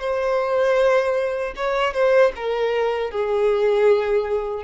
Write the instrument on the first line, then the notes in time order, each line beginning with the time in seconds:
violin
0.00 C5
1.56 C#5
1.93 C5
2.35 A#4
3.10 G#4